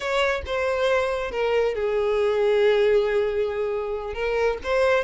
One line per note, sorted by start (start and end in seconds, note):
0.00 0.42 C#5
0.45 1.31 C5
1.31 1.74 A#4
1.74 4.13 G#4
4.13 4.57 A#4
4.63 5.03 C5